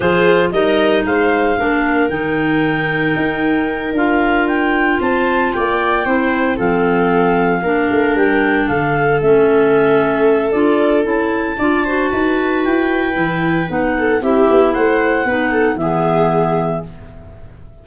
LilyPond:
<<
  \new Staff \with { instrumentName = "clarinet" } { \time 4/4 \tempo 4 = 114 c''4 dis''4 f''2 | g''2.~ g''8 f''8~ | f''8 g''4 a''4 g''4.~ | g''8 f''2. g''8~ |
g''8 f''4 e''2~ e''8 | d''4 a''2. | g''2 fis''4 e''4 | fis''2 e''2 | }
  \new Staff \with { instrumentName = "viola" } { \time 4/4 gis'4 ais'4 c''4 ais'4~ | ais'1~ | ais'4. c''4 d''4 c''8~ | c''8 a'2 ais'4.~ |
ais'8 a'2.~ a'8~ | a'2 d''8 c''8 b'4~ | b'2~ b'8 a'8 g'4 | c''4 b'8 a'8 gis'2 | }
  \new Staff \with { instrumentName = "clarinet" } { \time 4/4 f'4 dis'2 d'4 | dis'2.~ dis'8 f'8~ | f'2.~ f'8 e'8~ | e'8 c'2 d'4.~ |
d'4. cis'2~ cis'8 | f'4 e'4 f'8 fis'4.~ | fis'4 e'4 dis'4 e'4~ | e'4 dis'4 b2 | }
  \new Staff \with { instrumentName = "tuba" } { \time 4/4 f4 g4 gis4 ais4 | dis2 dis'4. d'8~ | d'4. c'4 ais4 c'8~ | c'8 f2 ais8 a8 g8~ |
g8 d4 a2~ a8 | d'4 cis'4 d'4 dis'4 | e'4 e4 b4 c'8 b8 | a4 b4 e2 | }
>>